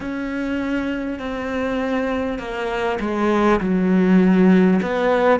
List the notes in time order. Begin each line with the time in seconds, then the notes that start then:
0.00 C#4
1.19 C4
2.38 A#3
2.99 G#3
3.60 F#3
4.82 B3